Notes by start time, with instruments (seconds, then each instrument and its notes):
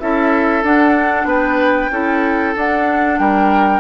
0.00 bassoon C#4, clarinet E4, oboe A4, flute E5
0.63 bassoon D4, clarinet D4, flute F#5
1.25 bassoon B3, oboe B4, flute G5
1.91 bassoon C#4, clarinet E4, oboe A4
2.56 bassoon D4, clarinet D4, flute F#5
3.18 bassoon G3, oboe A#4, flute G5